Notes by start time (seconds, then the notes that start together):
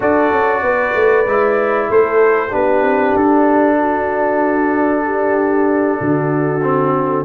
0.00 D4 F#4 A4 D5
0.31 C#4
0.62 B3 B4
0.94 A3
1.26 G#3 E4
1.89 A3 A4 C5
2.50 B3 D4 G4 B4
2.82 C4
3.15 D4 A4
3.78 F#4
5.04 G4
5.99 D3 F#4
6.62 C4